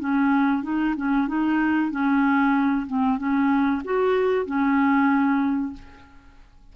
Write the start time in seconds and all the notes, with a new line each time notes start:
0.00 C#4
0.63 D#4
0.97 C#4
1.28 D#4
1.91 C#4
2.87 C4
3.19 C#4
3.85 F#4
4.46 C#4